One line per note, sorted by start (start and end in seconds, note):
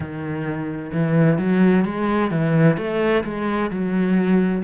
0.00 0.91 D#3
0.92 1.38 E3
1.38 1.84 F#3
1.84 2.30 G#3
2.31 2.77 E3
2.77 3.23 A3
3.23 3.70 G#3
3.70 4.62 F#3